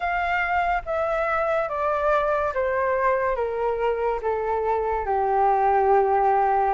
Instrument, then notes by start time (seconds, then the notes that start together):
flute
0.00 F5
0.85 E5
1.68 D5
2.54 C5
3.35 A#4
4.21 A4
5.05 G4